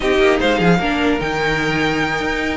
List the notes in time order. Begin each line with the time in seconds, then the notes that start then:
0.00 C4 D#4 G4 D#5
0.19 A#3
0.40 G#3 C5 F5
0.57 F3 G#4
0.79 A#3 D4 A#4
1.20 D#3 D#4 G5
2.20 D#4